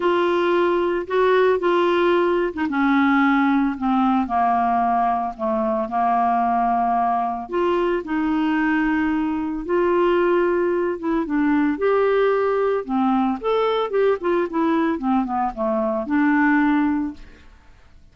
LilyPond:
\new Staff \with { instrumentName = "clarinet" } { \time 4/4 \tempo 4 = 112 f'2 fis'4 f'4~ | f'8. dis'16 cis'2 c'4 | ais2 a4 ais4~ | ais2 f'4 dis'4~ |
dis'2 f'2~ | f'8 e'8 d'4 g'2 | c'4 a'4 g'8 f'8 e'4 | c'8 b8 a4 d'2 | }